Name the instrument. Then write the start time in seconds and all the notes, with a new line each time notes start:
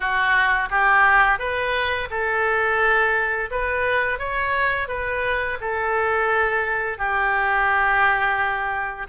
oboe
0.00 F#4
0.70 G4
1.38 B4
2.10 A4
3.51 B4
4.18 C#5
4.88 B4
5.60 A4
6.98 G4